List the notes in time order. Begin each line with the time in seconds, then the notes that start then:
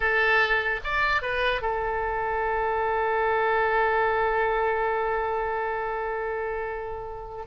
0.00 A4
0.84 D5
1.22 B4
1.61 A4